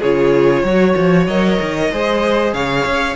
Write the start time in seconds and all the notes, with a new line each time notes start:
0.00 C#3 F4 G#4 C#5
0.64 F#3 F#4 C#5
0.97 F3
1.27 F#3 A#4 D#5
1.61 D#3
1.92 G#3 G#4 C5
2.54 C#3 C#5 F5
2.86 C#4